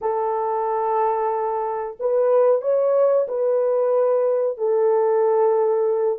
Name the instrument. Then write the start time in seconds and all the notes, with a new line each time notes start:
horn
0.01 A4
1.99 B4
2.61 C#5
3.28 B4
4.57 A4